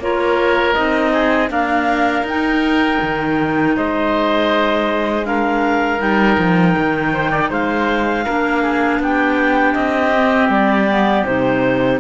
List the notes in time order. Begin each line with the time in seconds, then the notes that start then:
0.00 A#3 F4 A#4 C#5
0.74 C4 D#4 D#5
1.13 G#4
1.49 A#3 D4 A#4 F5
2.24 D#4 G5
3.02 D#3
3.77 G#3 C5 D#5
5.25 D4 A#4 F5
5.99 G3 D#4 G5
6.38 F3
6.78 D#3
7.13 C5
7.31 D5
7.50 G#3 C5 F5
8.25 A#3 D4 A#4
8.63 G#4
9.00 B3 G4 G5
9.74 C4 D#5
10.15 C4
10.49 G3 D5
10.89 B3
11.25 C3 D#4 C5